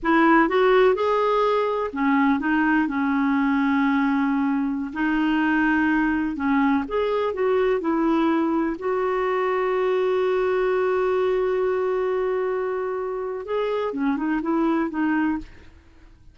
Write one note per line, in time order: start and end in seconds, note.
0.02 0.48 E4
0.48 0.94 F#4
0.94 1.90 G#4
1.92 2.39 C#4
2.39 2.87 D#4
2.87 4.91 C#4
4.93 6.36 D#4
6.36 6.84 C#4
6.88 7.33 G#4
7.33 7.80 F#4
7.80 8.76 E4
8.78 13.45 F#4
13.45 13.93 G#4
13.93 14.16 C#4
14.16 14.40 D#4
14.42 14.90 E4
14.90 15.38 D#4